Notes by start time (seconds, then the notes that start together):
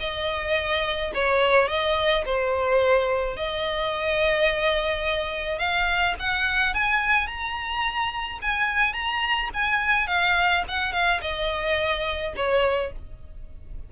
0.00 D#5
1.15 C#5
1.68 D#5
2.26 C5
3.37 D#5
5.59 F5
6.20 F#5
6.75 G#5
7.27 A#5
8.42 G#5
8.94 A#5
9.54 G#5
10.08 F5
10.69 F#5
10.93 F5
11.22 D#5
12.37 C#5